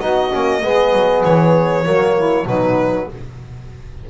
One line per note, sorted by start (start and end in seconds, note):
0.00 0.31 B3
0.00 0.30 D#4
0.00 0.61 F#4
0.00 1.22 D#5
0.30 0.62 A#3
0.30 0.61 C#4
0.62 0.92 G#3
0.62 1.83 B3
0.62 1.84 G#4
0.92 1.23 F#3
1.24 1.85 E3
1.24 2.46 C#5
1.83 2.45 F#3
1.83 2.45 A#3
1.83 2.15 F#4
2.15 2.46 E4
2.45 3.07 B2
2.45 3.09 F#3
2.45 3.09 D#4
2.45 3.09 B4